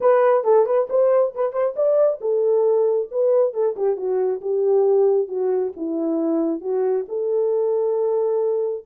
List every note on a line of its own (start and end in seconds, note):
0.01 0.44 B4
0.44 0.66 A4
0.66 0.88 B4
0.89 1.34 C5
1.35 1.52 B4
1.52 1.74 C5
1.76 2.20 D5
2.20 3.08 A4
3.11 3.53 B4
3.53 3.75 A4
3.76 3.96 G4
3.96 4.40 F#4
4.41 5.28 G4
5.28 5.72 F#4
5.76 6.61 E4
6.61 7.05 F#4
7.08 8.84 A4